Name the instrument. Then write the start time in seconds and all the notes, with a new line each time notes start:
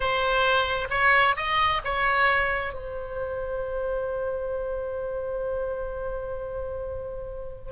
oboe
0.00 C5
0.90 C#5
1.36 D#5
1.84 C#5
2.73 C5